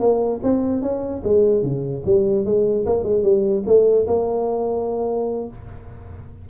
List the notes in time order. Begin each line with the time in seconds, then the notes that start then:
0.00 A#3
0.43 C4
0.82 C#4
1.24 G#3
1.63 C#3
2.06 G3
2.45 G#3
2.86 A#3
3.03 G#3
3.23 G3
3.66 A3
4.07 A#3